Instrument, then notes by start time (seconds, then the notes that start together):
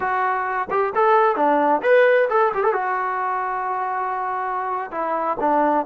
trombone
0.00 F#4
0.70 G4
0.95 A4
1.35 D4
1.82 B4
2.29 A4
2.53 G4
2.63 A4
2.73 F#4
4.91 E4
5.40 D4